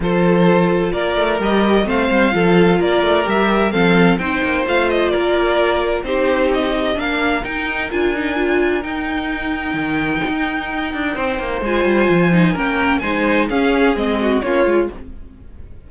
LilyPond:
<<
  \new Staff \with { instrumentName = "violin" } { \time 4/4 \tempo 4 = 129 c''2 d''4 dis''4 | f''2 d''4 e''4 | f''4 g''4 f''8 dis''8 d''4~ | d''4 c''4 dis''4 f''4 |
g''4 gis''2 g''4~ | g''1~ | g''4 gis''2 g''4 | gis''4 f''4 dis''4 cis''4 | }
  \new Staff \with { instrumentName = "violin" } { \time 4/4 a'2 ais'2 | c''4 a'4 ais'2 | a'4 c''2 ais'4~ | ais'4 g'2 ais'4~ |
ais'1~ | ais'1 | c''2. ais'4 | c''4 gis'4. fis'8 f'4 | }
  \new Staff \with { instrumentName = "viola" } { \time 4/4 f'2. g'4 | c'4 f'2 g'4 | c'4 dis'4 f'2~ | f'4 dis'2 d'4 |
dis'4 f'8 dis'8 f'4 dis'4~ | dis'1~ | dis'4 f'4. dis'8 cis'4 | dis'4 cis'4 c'4 cis'8 f'8 | }
  \new Staff \with { instrumentName = "cello" } { \time 4/4 f2 ais8 a8 g4 | a8 g8 f4 ais8 a8 g4 | f4 c'8 ais8 a4 ais4~ | ais4 c'2 ais4 |
dis'4 d'2 dis'4~ | dis'4 dis4 dis'4. d'8 | c'8 ais8 gis8 g8 f4 ais4 | gis4 cis'4 gis4 ais8 gis8 | }
>>